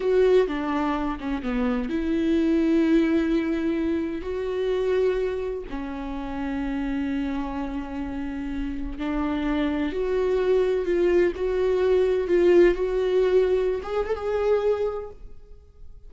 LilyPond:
\new Staff \with { instrumentName = "viola" } { \time 4/4 \tempo 4 = 127 fis'4 d'4. cis'8 b4 | e'1~ | e'4 fis'2. | cis'1~ |
cis'2. d'4~ | d'4 fis'2 f'4 | fis'2 f'4 fis'4~ | fis'4~ fis'16 gis'8 a'16 gis'2 | }